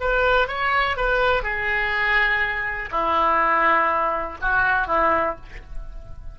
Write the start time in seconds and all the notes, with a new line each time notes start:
0.00 B4
0.47 C#5
0.96 B4
1.43 G#4
2.91 E4
4.41 F#4
4.87 E4